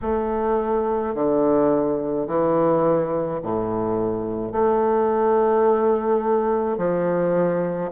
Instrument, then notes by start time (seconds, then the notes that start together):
bassoon
0.01 A3
1.14 D3
2.26 E3
3.43 A2
4.51 A3
6.77 F3